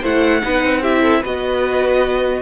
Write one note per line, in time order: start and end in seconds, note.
0.00 0.43 A3
0.00 0.41 E4
0.00 0.40 C5
0.00 0.83 F#5
0.41 0.63 B3
0.41 0.81 D#4
0.41 0.81 B4
0.63 1.23 C4
0.81 1.23 E4
0.81 1.01 G4
0.81 1.23 E5
1.02 1.20 A4
1.20 2.42 B3
1.20 2.42 F#4
1.20 2.40 B4
1.20 2.42 D#5